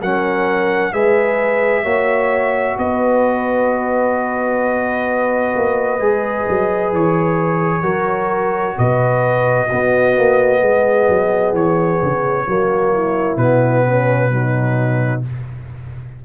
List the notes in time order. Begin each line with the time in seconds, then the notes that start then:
0.00 F#3 C#4 A#4 F#5
0.92 G#3 G#4 B4 E5
1.83 A#3 F#4 C#5
2.77 B3 B4 D#5
5.56 A#3
5.99 G#3 G#4
6.48 F#3
6.92 E3 C#5
7.82 F#3 F#4 A#4
8.77 B2 B4 D#5
9.67 B3 F#4
10.17 A#3
10.59 G#3 G#4
11.08 F#3
11.53 E3 C#5
12.02 C#3
12.46 F#3 A#3 F#4
12.92 E4
13.36 B2 B3 B4
13.85 C#4
14.30 F#3 D#4